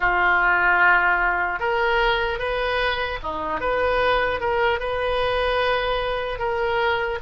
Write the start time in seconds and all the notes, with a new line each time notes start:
0.00 F4
1.59 A#4
2.38 B4
3.23 D#4
3.60 B4
4.40 A#4
4.79 B4
6.38 A#4